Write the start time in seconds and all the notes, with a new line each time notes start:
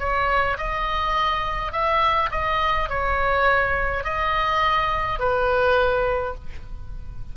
0.00 C#5
0.58 D#5
1.73 E5
2.32 D#5
2.90 C#5
4.04 D#5
5.20 B4